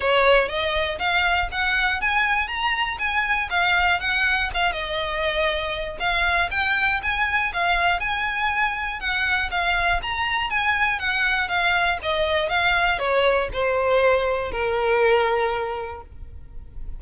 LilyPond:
\new Staff \with { instrumentName = "violin" } { \time 4/4 \tempo 4 = 120 cis''4 dis''4 f''4 fis''4 | gis''4 ais''4 gis''4 f''4 | fis''4 f''8 dis''2~ dis''8 | f''4 g''4 gis''4 f''4 |
gis''2 fis''4 f''4 | ais''4 gis''4 fis''4 f''4 | dis''4 f''4 cis''4 c''4~ | c''4 ais'2. | }